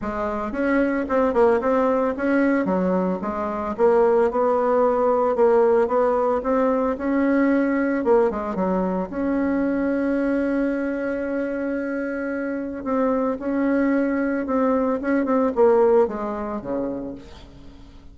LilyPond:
\new Staff \with { instrumentName = "bassoon" } { \time 4/4 \tempo 4 = 112 gis4 cis'4 c'8 ais8 c'4 | cis'4 fis4 gis4 ais4 | b2 ais4 b4 | c'4 cis'2 ais8 gis8 |
fis4 cis'2.~ | cis'1 | c'4 cis'2 c'4 | cis'8 c'8 ais4 gis4 cis4 | }